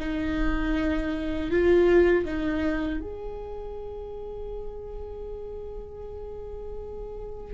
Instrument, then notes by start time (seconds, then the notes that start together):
viola
0.00 D#4
1.51 F4
2.26 D#4
3.01 G#4